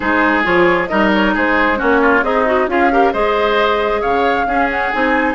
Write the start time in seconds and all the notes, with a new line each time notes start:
0.00 G#3 D#4 G#4 C5
0.43 F3 F4 C#5
0.87 G3 D#4 A#4 D#5
1.13 C#5
1.34 G#3 G#4 C5
1.76 A#3 C#4 F#4 C#5
2.01 F4
2.22 C4 D#4 G#4 D#5
2.46 F#4
2.67 C#4 F4 G#4 F5
2.91 G4 A#4
3.12 G#3 G#4 C5 D#5
4.01 C#3 C#5 F5
4.46 C#4 G#4
4.70 F#5
4.92 C4 D#4 G#5